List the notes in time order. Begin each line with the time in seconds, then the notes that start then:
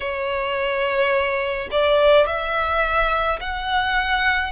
0.00 C#5
1.71 D5
2.26 E5
3.40 F#5